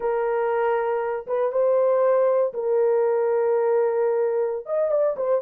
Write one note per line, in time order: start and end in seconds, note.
0.00 1.26 A#4
1.27 1.52 B4
1.52 2.53 C5
2.53 4.66 A#4
4.66 4.91 D#5
4.91 5.16 D5
5.16 5.41 C5